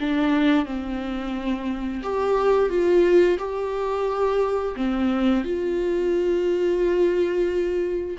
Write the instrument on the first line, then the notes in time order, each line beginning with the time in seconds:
viola
0.00 D4
0.66 C4
2.03 G4
2.70 F4
3.39 G4
4.77 C4
5.45 F4